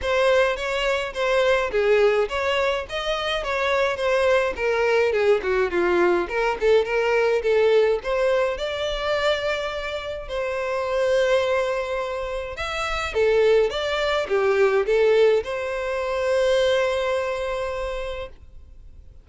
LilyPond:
\new Staff \with { instrumentName = "violin" } { \time 4/4 \tempo 4 = 105 c''4 cis''4 c''4 gis'4 | cis''4 dis''4 cis''4 c''4 | ais'4 gis'8 fis'8 f'4 ais'8 a'8 | ais'4 a'4 c''4 d''4~ |
d''2 c''2~ | c''2 e''4 a'4 | d''4 g'4 a'4 c''4~ | c''1 | }